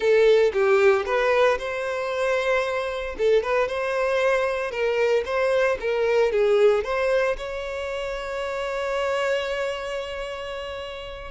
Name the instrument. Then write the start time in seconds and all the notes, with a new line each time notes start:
violin
0.00 A4
0.53 G4
1.05 B4
1.58 C5
3.18 A4
3.43 B4
3.68 C5
4.71 A#4
5.25 C5
5.80 A#4
6.32 G#4
6.83 C5
7.37 C#5